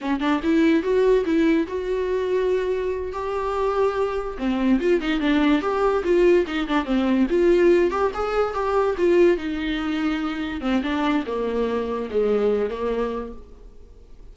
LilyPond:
\new Staff \with { instrumentName = "viola" } { \time 4/4 \tempo 4 = 144 cis'8 d'8 e'4 fis'4 e'4 | fis'2.~ fis'8 g'8~ | g'2~ g'8 c'4 f'8 | dis'8 d'4 g'4 f'4 dis'8 |
d'8 c'4 f'4. g'8 gis'8~ | gis'8 g'4 f'4 dis'4.~ | dis'4. c'8 d'4 ais4~ | ais4 gis4. ais4. | }